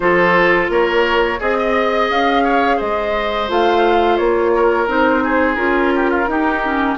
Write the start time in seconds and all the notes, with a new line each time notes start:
0.00 F3 F4 A4 C5
0.69 A#3 A#4 C#5
1.39 C4 G#4 D#5
1.58 D#5
2.09 C#4 F5
2.43 C#5
2.77 G#3 C5 D#5
3.48 A3 F4 F5
4.17 A#3 C#5
4.55 A#4
4.87 C4 D#4 C5
5.23 G#4
5.55 C#4 F4 A#4
5.95 G4
6.10 F4
6.26 D#4 G4
6.63 C#4